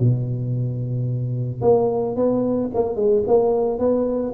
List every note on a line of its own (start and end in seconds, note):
0.00 1.62 B2
1.62 2.16 A#3
2.16 2.71 B3
2.75 2.96 A#3
2.96 3.23 G#3
3.28 3.79 A#3
3.79 4.34 B3